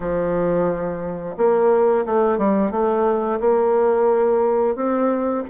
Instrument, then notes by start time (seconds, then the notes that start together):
bassoon
0.00 F3
1.37 A#3
2.05 A3
2.37 G3
2.71 A3
3.40 A#3
4.75 C4